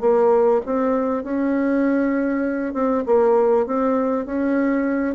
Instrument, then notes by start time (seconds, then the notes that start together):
bassoon
0.00 A#3
0.65 C4
1.23 C#4
2.73 C4
3.06 A#3
3.66 C4
4.25 C#4